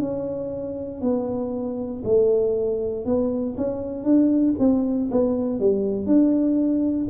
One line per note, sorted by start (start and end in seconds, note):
0.00 1.02 C#4
1.02 2.03 B3
2.05 3.06 A3
3.06 3.56 B3
3.57 4.04 C#4
4.04 4.55 D4
4.59 5.10 C4
5.12 5.60 B3
5.60 6.06 G3
6.06 7.08 D4